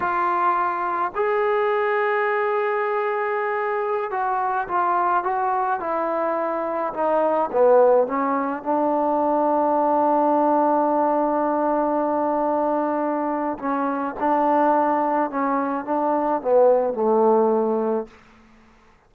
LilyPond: \new Staff \with { instrumentName = "trombone" } { \time 4/4 \tempo 4 = 106 f'2 gis'2~ | gis'2.~ gis'16 fis'8.~ | fis'16 f'4 fis'4 e'4.~ e'16~ | e'16 dis'4 b4 cis'4 d'8.~ |
d'1~ | d'1 | cis'4 d'2 cis'4 | d'4 b4 a2 | }